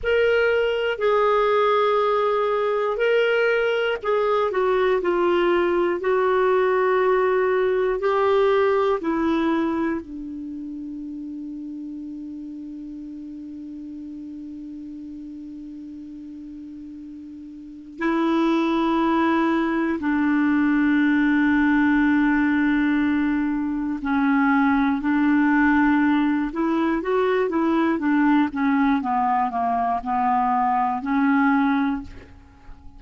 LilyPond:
\new Staff \with { instrumentName = "clarinet" } { \time 4/4 \tempo 4 = 60 ais'4 gis'2 ais'4 | gis'8 fis'8 f'4 fis'2 | g'4 e'4 d'2~ | d'1~ |
d'2 e'2 | d'1 | cis'4 d'4. e'8 fis'8 e'8 | d'8 cis'8 b8 ais8 b4 cis'4 | }